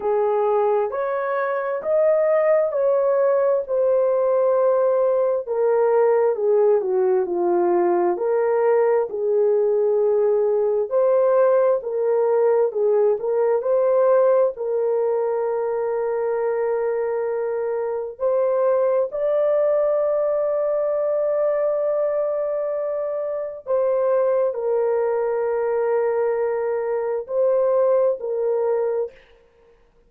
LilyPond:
\new Staff \with { instrumentName = "horn" } { \time 4/4 \tempo 4 = 66 gis'4 cis''4 dis''4 cis''4 | c''2 ais'4 gis'8 fis'8 | f'4 ais'4 gis'2 | c''4 ais'4 gis'8 ais'8 c''4 |
ais'1 | c''4 d''2.~ | d''2 c''4 ais'4~ | ais'2 c''4 ais'4 | }